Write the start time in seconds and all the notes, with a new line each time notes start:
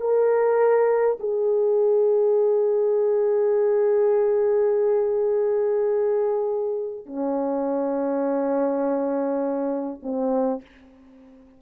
0.00 A#4
1.20 G#4
7.05 C#4
10.03 C4